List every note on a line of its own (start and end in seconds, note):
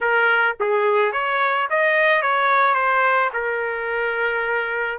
0.01 0.56 A#4
0.60 1.12 G#4
1.12 1.67 C#5
1.70 2.21 D#5
2.21 2.74 C#5
2.74 3.30 C5
3.33 4.98 A#4